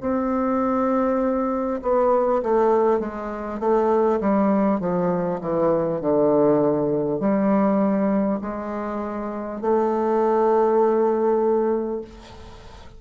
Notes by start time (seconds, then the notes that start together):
0.00 C4
1.82 B3
2.43 A3
2.99 G#3
3.59 A3
4.20 G3
4.79 F3
5.40 E3
6.01 D3
7.19 G3
8.41 G#3
9.61 A3